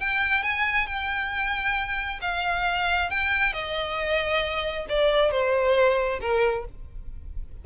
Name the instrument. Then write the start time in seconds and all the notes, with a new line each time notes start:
violin
0.00 G5
0.43 G#5
0.86 G5
2.21 F5
3.10 G5
3.53 D#5
4.89 D5
5.31 C5
6.21 A#4